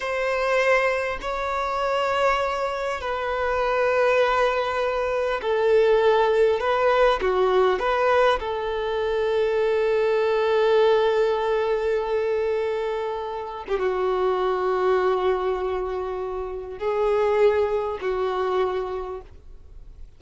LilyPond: \new Staff \with { instrumentName = "violin" } { \time 4/4 \tempo 4 = 100 c''2 cis''2~ | cis''4 b'2.~ | b'4 a'2 b'4 | fis'4 b'4 a'2~ |
a'1~ | a'2~ a'8. g'16 fis'4~ | fis'1 | gis'2 fis'2 | }